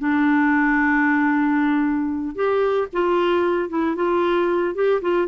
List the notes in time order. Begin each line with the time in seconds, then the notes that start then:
0.00 D4
2.36 G4
2.93 F4
3.70 E4
3.96 F4
4.76 G4
5.02 F4